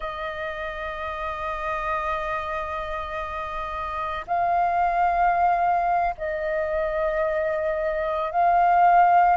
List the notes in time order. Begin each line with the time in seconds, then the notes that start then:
0.00 D#5
4.27 F5
6.17 D#5
8.31 F5